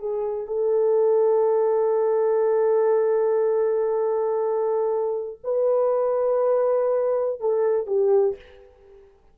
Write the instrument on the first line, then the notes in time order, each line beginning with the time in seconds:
horn
0.00 G#4
0.48 A4
5.44 B4
7.41 A4
7.87 G4